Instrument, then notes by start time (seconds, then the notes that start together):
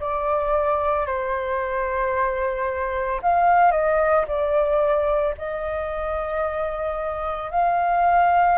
flute
0.00 D5
1.06 C5
3.22 F5
3.71 D#5
4.27 D5
5.38 D#5
7.51 F5